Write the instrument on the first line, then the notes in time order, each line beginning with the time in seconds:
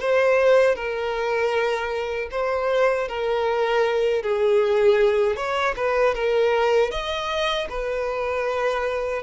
violin
0.00 C5
0.75 A#4
2.31 C5
3.08 A#4
4.23 G#4
5.36 C#5
5.76 B4
6.15 A#4
6.91 D#5
7.69 B4